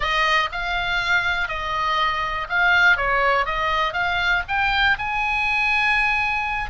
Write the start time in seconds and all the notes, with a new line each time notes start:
0.00 D#5
0.51 F5
1.48 D#5
2.49 F5
2.96 C#5
3.45 D#5
3.93 F5
4.48 G5
4.98 G#5